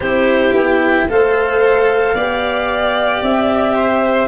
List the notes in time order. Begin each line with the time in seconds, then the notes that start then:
0.00 C4 E4 G4 C5
0.52 B3 G5
1.08 A3 A4 C5 F5
2.14 B3 G4 D5
3.22 C4 E5
3.75 C5